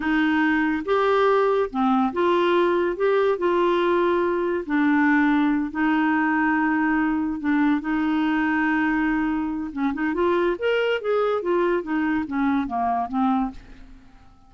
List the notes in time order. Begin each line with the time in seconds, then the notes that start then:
0.00 D#4
0.85 G4
1.70 C4
2.12 F4
2.96 G4
3.38 F4
4.66 D4
5.71 D#4
7.40 D4
7.81 D#4
9.72 C#4
9.93 D#4
10.14 F4
10.58 A#4
11.01 G#4
11.41 F4
11.82 D#4
12.27 C#4
12.67 A#3
13.08 C4